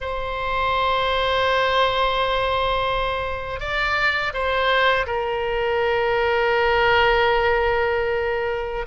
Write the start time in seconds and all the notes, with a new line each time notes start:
0.00 C5
3.59 D5
4.33 C5
5.06 A#4